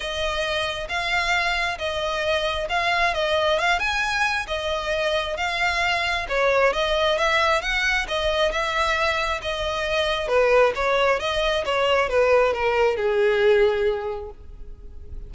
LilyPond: \new Staff \with { instrumentName = "violin" } { \time 4/4 \tempo 4 = 134 dis''2 f''2 | dis''2 f''4 dis''4 | f''8 gis''4. dis''2 | f''2 cis''4 dis''4 |
e''4 fis''4 dis''4 e''4~ | e''4 dis''2 b'4 | cis''4 dis''4 cis''4 b'4 | ais'4 gis'2. | }